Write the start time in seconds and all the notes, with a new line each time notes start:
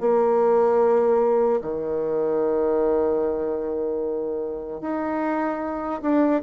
0.00 A#3
1.61 D#3
4.81 D#4
6.02 D4